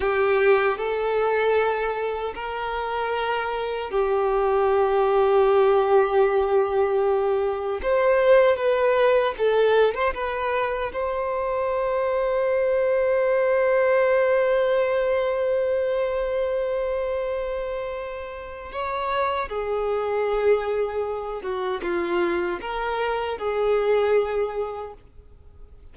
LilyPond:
\new Staff \with { instrumentName = "violin" } { \time 4/4 \tempo 4 = 77 g'4 a'2 ais'4~ | ais'4 g'2.~ | g'2 c''4 b'4 | a'8. c''16 b'4 c''2~ |
c''1~ | c''1 | cis''4 gis'2~ gis'8 fis'8 | f'4 ais'4 gis'2 | }